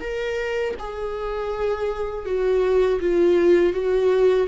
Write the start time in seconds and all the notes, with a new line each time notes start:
0.00 A#4
0.79 G#4
2.26 F#4
3.00 F4
3.73 F#4